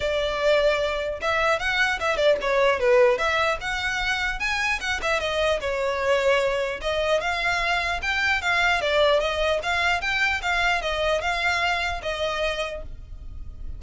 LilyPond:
\new Staff \with { instrumentName = "violin" } { \time 4/4 \tempo 4 = 150 d''2. e''4 | fis''4 e''8 d''8 cis''4 b'4 | e''4 fis''2 gis''4 | fis''8 e''8 dis''4 cis''2~ |
cis''4 dis''4 f''2 | g''4 f''4 d''4 dis''4 | f''4 g''4 f''4 dis''4 | f''2 dis''2 | }